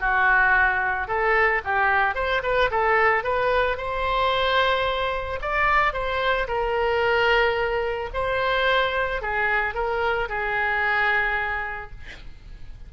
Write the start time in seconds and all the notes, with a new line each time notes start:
0.00 F#4
1.08 A4
1.64 G4
2.15 C5
2.43 B4
2.71 A4
3.24 B4
3.77 C5
5.42 D5
5.93 C5
6.48 A#4
8.14 C5
9.22 G#4
9.74 A#4
10.29 G#4